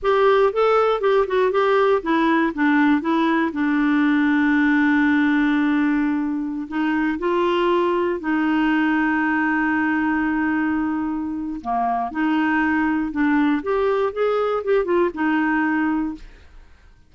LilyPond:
\new Staff \with { instrumentName = "clarinet" } { \time 4/4 \tempo 4 = 119 g'4 a'4 g'8 fis'8 g'4 | e'4 d'4 e'4 d'4~ | d'1~ | d'4~ d'16 dis'4 f'4.~ f'16~ |
f'16 dis'2.~ dis'8.~ | dis'2. ais4 | dis'2 d'4 g'4 | gis'4 g'8 f'8 dis'2 | }